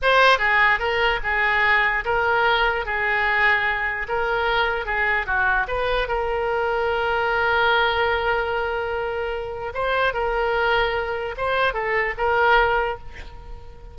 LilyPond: \new Staff \with { instrumentName = "oboe" } { \time 4/4 \tempo 4 = 148 c''4 gis'4 ais'4 gis'4~ | gis'4 ais'2 gis'4~ | gis'2 ais'2 | gis'4 fis'4 b'4 ais'4~ |
ais'1~ | ais'1 | c''4 ais'2. | c''4 a'4 ais'2 | }